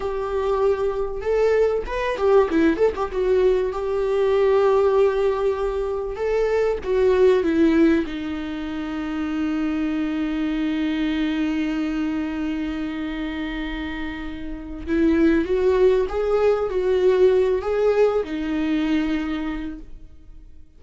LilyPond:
\new Staff \with { instrumentName = "viola" } { \time 4/4 \tempo 4 = 97 g'2 a'4 b'8 g'8 | e'8 a'16 g'16 fis'4 g'2~ | g'2 a'4 fis'4 | e'4 dis'2.~ |
dis'1~ | dis'1 | e'4 fis'4 gis'4 fis'4~ | fis'8 gis'4 dis'2~ dis'8 | }